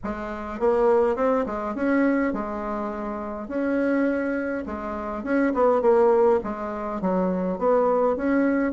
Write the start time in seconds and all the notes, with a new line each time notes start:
0.03 G#3
0.59 A#3
1.15 C4
1.46 G#3
1.75 C#4
2.33 G#3
3.48 C#4
4.65 G#3
5.23 C#4
5.53 B3
5.81 A#3
6.43 G#3
7.01 F#3
7.58 B3
8.16 C#4